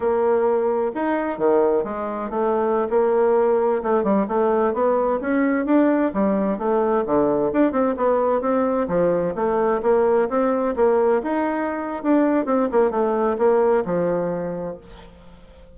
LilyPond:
\new Staff \with { instrumentName = "bassoon" } { \time 4/4 \tempo 4 = 130 ais2 dis'4 dis4 | gis4 a4~ a16 ais4.~ ais16~ | ais16 a8 g8 a4 b4 cis'8.~ | cis'16 d'4 g4 a4 d8.~ |
d16 d'8 c'8 b4 c'4 f8.~ | f16 a4 ais4 c'4 ais8.~ | ais16 dis'4.~ dis'16 d'4 c'8 ais8 | a4 ais4 f2 | }